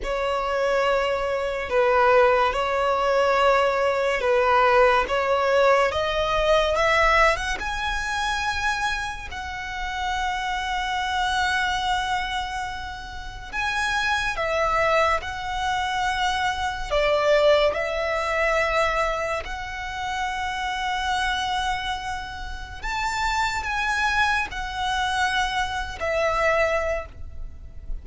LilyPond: \new Staff \with { instrumentName = "violin" } { \time 4/4 \tempo 4 = 71 cis''2 b'4 cis''4~ | cis''4 b'4 cis''4 dis''4 | e''8. fis''16 gis''2 fis''4~ | fis''1 |
gis''4 e''4 fis''2 | d''4 e''2 fis''4~ | fis''2. a''4 | gis''4 fis''4.~ fis''16 e''4~ e''16 | }